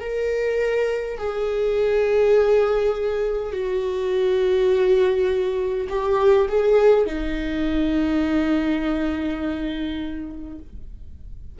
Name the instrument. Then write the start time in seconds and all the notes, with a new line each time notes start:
viola
0.00 A#4
1.17 G#4
3.52 F#4
5.89 G4
6.48 G#4
7.06 D#4